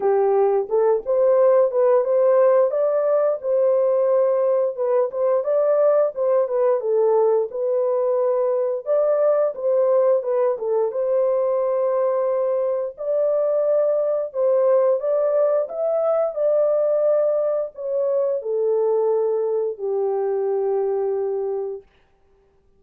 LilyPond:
\new Staff \with { instrumentName = "horn" } { \time 4/4 \tempo 4 = 88 g'4 a'8 c''4 b'8 c''4 | d''4 c''2 b'8 c''8 | d''4 c''8 b'8 a'4 b'4~ | b'4 d''4 c''4 b'8 a'8 |
c''2. d''4~ | d''4 c''4 d''4 e''4 | d''2 cis''4 a'4~ | a'4 g'2. | }